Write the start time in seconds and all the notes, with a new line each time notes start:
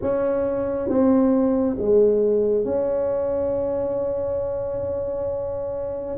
0.01 C#4
0.88 C4
1.78 G#3
2.64 C#4